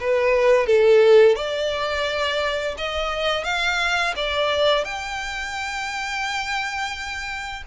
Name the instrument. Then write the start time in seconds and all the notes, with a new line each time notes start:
violin
0.00 B4
0.66 A4
1.36 D5
2.77 D#5
3.44 F5
4.16 D5
4.84 G5